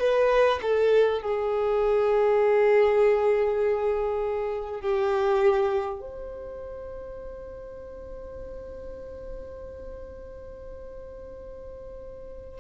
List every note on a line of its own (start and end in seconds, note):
0.00 0.60 B4
0.62 1.22 A4
1.22 4.82 G#4
4.82 6.01 G4
6.01 12.61 C5